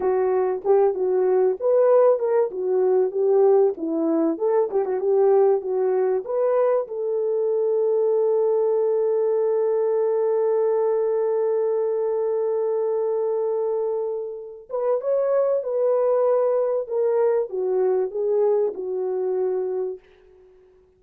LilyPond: \new Staff \with { instrumentName = "horn" } { \time 4/4 \tempo 4 = 96 fis'4 g'8 fis'4 b'4 ais'8 | fis'4 g'4 e'4 a'8 g'16 fis'16 | g'4 fis'4 b'4 a'4~ | a'1~ |
a'1~ | a'2.~ a'8 b'8 | cis''4 b'2 ais'4 | fis'4 gis'4 fis'2 | }